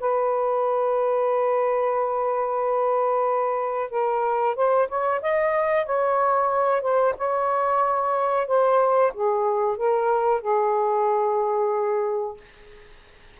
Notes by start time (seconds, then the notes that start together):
0.00 B4
3.90 A#4
4.55 C5
4.88 C#5
5.21 D#5
5.85 C#5
6.82 C5
7.17 C#5
8.47 C5
9.13 G#4
9.76 A#4
10.41 G#4